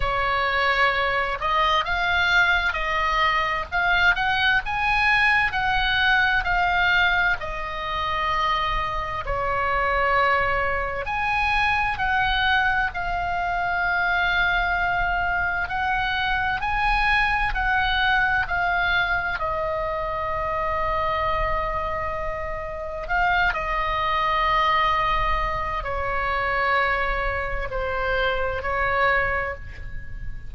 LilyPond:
\new Staff \with { instrumentName = "oboe" } { \time 4/4 \tempo 4 = 65 cis''4. dis''8 f''4 dis''4 | f''8 fis''8 gis''4 fis''4 f''4 | dis''2 cis''2 | gis''4 fis''4 f''2~ |
f''4 fis''4 gis''4 fis''4 | f''4 dis''2.~ | dis''4 f''8 dis''2~ dis''8 | cis''2 c''4 cis''4 | }